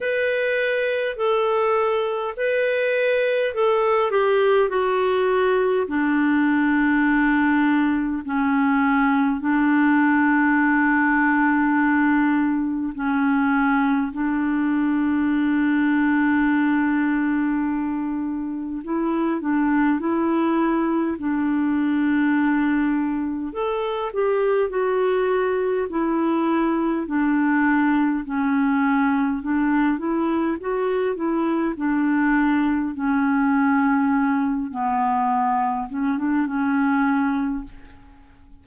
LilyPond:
\new Staff \with { instrumentName = "clarinet" } { \time 4/4 \tempo 4 = 51 b'4 a'4 b'4 a'8 g'8 | fis'4 d'2 cis'4 | d'2. cis'4 | d'1 |
e'8 d'8 e'4 d'2 | a'8 g'8 fis'4 e'4 d'4 | cis'4 d'8 e'8 fis'8 e'8 d'4 | cis'4. b4 cis'16 d'16 cis'4 | }